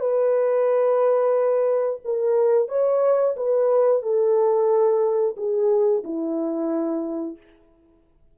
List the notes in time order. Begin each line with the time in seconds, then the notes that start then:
0.00 B4
2.05 A#4
2.68 C#5
3.37 B4
4.02 A4
5.37 G#4
6.04 E4